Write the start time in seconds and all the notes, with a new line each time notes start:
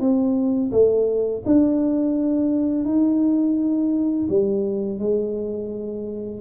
0.00 C4
0.72 A3
1.46 D4
2.85 D#4
4.29 G3
5.00 G#3